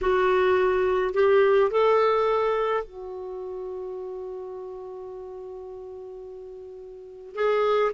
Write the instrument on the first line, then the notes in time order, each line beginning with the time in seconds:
clarinet
0.01 F#4
1.14 G4
1.70 A4
2.84 F#4
7.35 G#4